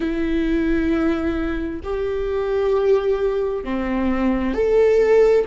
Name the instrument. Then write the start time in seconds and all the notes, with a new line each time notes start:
viola
0.00 E4
1.83 G4
3.64 C4
4.53 A4